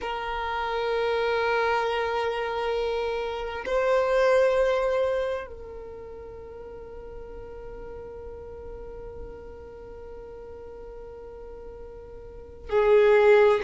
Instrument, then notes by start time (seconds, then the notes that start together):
violin
0.01 A#4
3.65 C5
5.47 A#4
12.69 G#4